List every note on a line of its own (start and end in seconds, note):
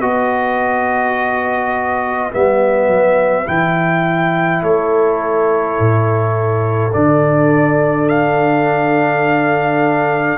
0.00 2.31 B3
0.00 2.30 F#4
0.00 4.62 B4
0.00 2.31 D#5
2.30 2.87 G3
2.30 3.44 B3
2.30 3.47 E5
2.87 3.45 F#3
3.44 4.62 E3
3.44 6.91 E4
3.44 4.63 G5
4.62 5.78 A3
4.62 10.37 A4
4.62 6.93 C#5
5.79 6.94 A2
6.93 10.37 D3
6.93 10.37 D4
6.93 8.08 D5
8.09 10.37 F5